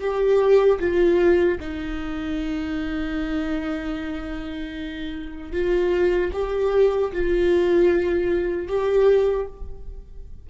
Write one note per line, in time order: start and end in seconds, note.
0.00 0.79 G4
0.80 1.59 F4
1.60 5.52 D#4
5.52 6.31 F4
6.33 7.12 G4
7.12 8.68 F4
8.68 9.47 G4